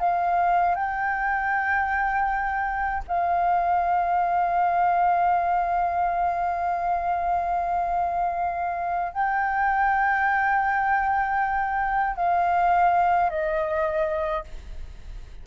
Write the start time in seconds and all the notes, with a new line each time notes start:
0.00 F5
0.75 G5
3.08 F5
9.13 G5
12.16 F5
13.30 D#5